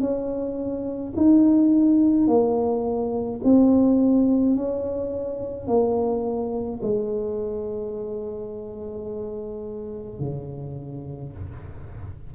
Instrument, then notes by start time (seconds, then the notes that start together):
tuba
0.00 C#4
1.16 D#4
2.27 A#3
3.43 C4
4.55 C#4
5.67 A#3
6.82 G#3
10.19 C#3